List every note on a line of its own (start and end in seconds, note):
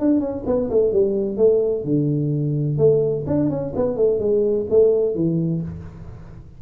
0.00 0.20 D4
0.20 0.44 C#4
0.47 0.70 B3
0.71 0.92 A3
0.92 1.37 G3
1.37 1.84 A3
1.85 2.78 D3
2.78 3.25 A3
3.27 3.50 D4
3.50 3.74 C#4
3.76 3.97 B3
3.97 4.20 A3
4.20 4.66 G#3
4.70 5.15 A3
5.15 5.62 E3